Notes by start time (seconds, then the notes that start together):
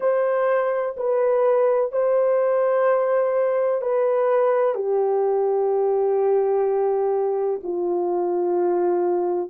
0.00 C5
0.97 B4
1.91 C5
3.81 B4
4.74 G4
7.63 F4